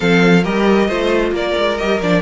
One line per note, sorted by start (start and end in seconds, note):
0.00 0.45 F3
0.00 0.41 C4
0.00 0.43 A4
0.00 0.44 F5
0.43 0.88 G3
0.43 0.88 G4
0.43 0.87 A#4
0.43 1.33 D#5
0.87 1.31 A3
0.87 1.77 F4
0.87 1.32 C5
1.31 1.53 A#3
1.31 2.21 A#4
1.31 1.77 D5
1.58 1.80 G#3
1.77 2.01 G3
1.77 2.00 G4
1.77 2.00 D#5
2.01 2.21 F3
2.01 2.21 D4
2.01 2.21 D5